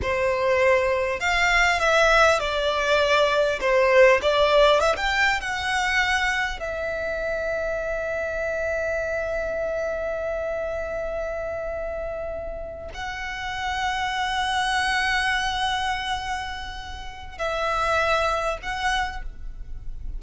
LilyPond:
\new Staff \with { instrumentName = "violin" } { \time 4/4 \tempo 4 = 100 c''2 f''4 e''4 | d''2 c''4 d''4 | e''16 g''8. fis''2 e''4~ | e''1~ |
e''1~ | e''4. fis''2~ fis''8~ | fis''1~ | fis''4 e''2 fis''4 | }